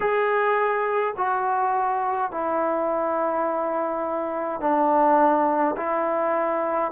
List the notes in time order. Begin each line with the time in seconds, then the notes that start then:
0.00 G#4
1.16 F#4
2.31 E4
4.60 D4
5.76 E4